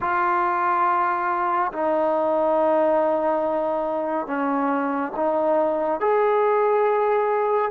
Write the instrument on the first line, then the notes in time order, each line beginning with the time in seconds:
trombone
0.00 F4
1.72 D#4
4.26 C#4
5.15 D#4
6.00 G#4